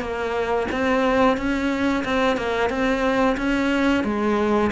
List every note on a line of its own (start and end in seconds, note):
0.00 0.67 A#3
0.71 1.37 C4
1.37 2.04 C#4
2.04 2.36 C4
2.36 2.69 A#3
2.69 3.36 C4
3.37 4.03 C#4
4.04 4.70 G#3